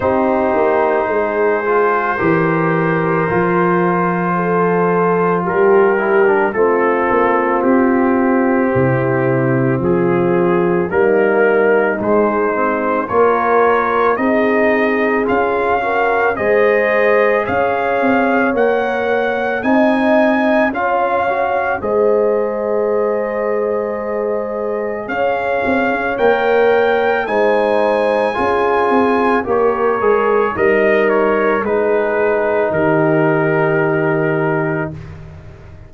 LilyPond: <<
  \new Staff \with { instrumentName = "trumpet" } { \time 4/4 \tempo 4 = 55 c''1~ | c''4 ais'4 a'4 g'4~ | g'4 gis'4 ais'4 c''4 | cis''4 dis''4 f''4 dis''4 |
f''4 fis''4 gis''4 f''4 | dis''2. f''4 | g''4 gis''2 cis''4 | dis''8 cis''8 b'4 ais'2 | }
  \new Staff \with { instrumentName = "horn" } { \time 4/4 g'4 gis'4 ais'2 | a'4 g'4 f'2 | e'4 f'4 dis'2 | ais'4 gis'4. ais'8 c''4 |
cis''2 dis''4 cis''4 | c''2. cis''4~ | cis''4 c''4 gis'4 ais'4 | dis'4 gis'4 g'2 | }
  \new Staff \with { instrumentName = "trombone" } { \time 4/4 dis'4. f'8 g'4 f'4~ | f'4. e'16 d'16 c'2~ | c'2 ais4 gis8 c'8 | f'4 dis'4 f'8 fis'8 gis'4~ |
gis'4 ais'4 dis'4 f'8 fis'8 | gis'1 | ais'4 dis'4 f'4 g'8 gis'8 | ais'4 dis'2. | }
  \new Staff \with { instrumentName = "tuba" } { \time 4/4 c'8 ais8 gis4 e4 f4~ | f4 g4 a8 ais8 c'4 | c4 f4 g4 gis4 | ais4 c'4 cis'4 gis4 |
cis'8 c'8 ais4 c'4 cis'4 | gis2. cis'8 c'16 cis'16 | ais4 gis4 cis'8 c'8 ais8 gis8 | g4 gis4 dis2 | }
>>